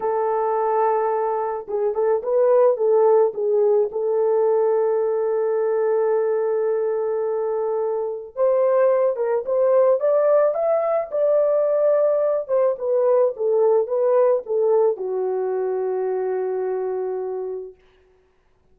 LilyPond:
\new Staff \with { instrumentName = "horn" } { \time 4/4 \tempo 4 = 108 a'2. gis'8 a'8 | b'4 a'4 gis'4 a'4~ | a'1~ | a'2. c''4~ |
c''8 ais'8 c''4 d''4 e''4 | d''2~ d''8 c''8 b'4 | a'4 b'4 a'4 fis'4~ | fis'1 | }